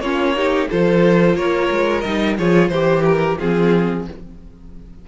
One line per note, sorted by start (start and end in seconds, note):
0.00 0.67 A#3
0.00 0.35 C#4
0.00 0.36 F4
0.00 0.68 C#5
0.35 0.69 D#4
0.35 0.70 G4
0.69 1.35 F3
0.69 2.04 F4
0.69 1.37 A4
0.69 1.35 C5
1.35 1.69 A#3
1.35 2.37 A#4
1.35 2.00 C#5
1.70 2.04 G#3
2.00 2.38 G3
2.00 2.38 D#4
2.00 2.34 D#5
2.37 2.68 F3
2.37 2.72 F4
2.37 2.71 G#4
2.37 2.68 C#5
2.68 3.35 E3
2.68 3.37 G4
2.68 3.39 G4
2.68 3.02 C5
3.04 3.38 A#4
3.37 4.07 F3
3.37 4.07 C4
3.37 4.05 F4
3.37 4.06 G#4